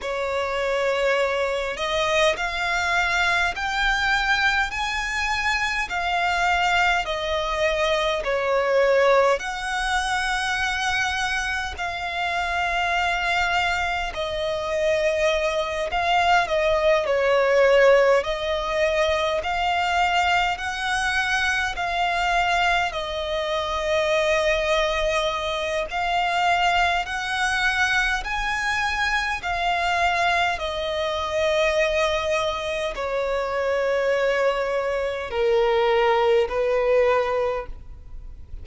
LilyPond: \new Staff \with { instrumentName = "violin" } { \time 4/4 \tempo 4 = 51 cis''4. dis''8 f''4 g''4 | gis''4 f''4 dis''4 cis''4 | fis''2 f''2 | dis''4. f''8 dis''8 cis''4 dis''8~ |
dis''8 f''4 fis''4 f''4 dis''8~ | dis''2 f''4 fis''4 | gis''4 f''4 dis''2 | cis''2 ais'4 b'4 | }